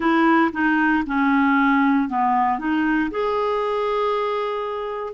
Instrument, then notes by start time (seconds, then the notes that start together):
clarinet
0.00 E4
0.52 D#4
1.06 C#4
2.08 B3
2.59 D#4
3.10 G#4